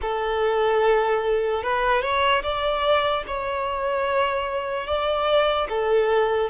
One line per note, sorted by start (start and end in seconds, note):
0.01 1.63 A4
1.63 2.02 B4
2.02 2.42 C#5
2.43 3.24 D5
3.27 4.86 C#5
4.86 5.68 D5
5.69 6.50 A4